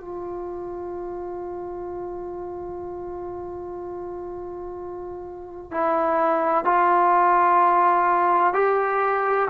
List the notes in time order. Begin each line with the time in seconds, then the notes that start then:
0.00 F4
5.71 E4
6.65 F4
8.54 G4